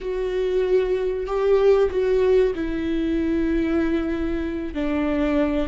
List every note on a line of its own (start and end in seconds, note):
0.00 1.26 F#4
1.26 1.89 G4
1.90 2.53 F#4
2.54 4.74 E4
4.74 5.68 D4